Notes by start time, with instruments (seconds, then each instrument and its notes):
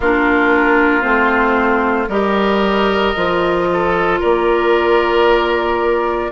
0.00 bassoon A#3, clarinet D4, oboe F4, flute A#4
1.01 bassoon A3, clarinet C4, flute C5
2.08 bassoon G3, clarinet G4, oboe A#4, flute D#5
3.16 bassoon F3, clarinet F4
3.72 oboe A4
4.19 bassoon A#3, oboe A#4, flute D5